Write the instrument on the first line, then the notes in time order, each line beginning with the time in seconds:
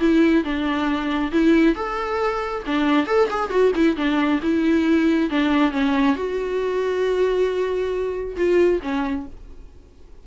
viola
0.00 E4
0.44 D4
1.32 E4
1.75 A4
2.67 D4
3.07 A4
3.30 G#4
3.50 F#4
3.75 E4
3.97 D4
4.43 E4
5.30 D4
5.72 C#4
6.16 F#4
8.37 F4
8.83 C#4